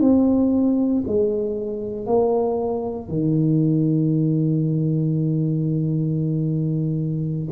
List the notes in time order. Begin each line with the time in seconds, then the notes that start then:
0.00 C4
1.07 G#3
2.06 A#3
3.08 D#3